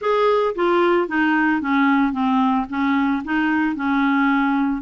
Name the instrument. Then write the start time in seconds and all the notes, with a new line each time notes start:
clarinet
0.01 G#4
0.55 F4
1.08 D#4
1.61 C#4
2.12 C4
2.69 C#4
3.24 D#4
3.75 C#4